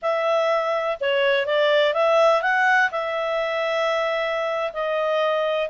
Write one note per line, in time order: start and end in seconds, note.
0.01 0.98 E5
1.00 1.46 C#5
1.46 1.93 D5
1.93 2.41 E5
2.42 2.90 F#5
2.91 4.72 E5
4.73 5.69 D#5